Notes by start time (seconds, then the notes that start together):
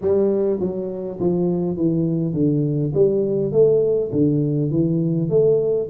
0.01 G3
0.60 F#3
1.20 F3
1.76 E3
2.33 D3
2.94 G3
3.52 A3
4.12 D3
4.71 E3
5.29 A3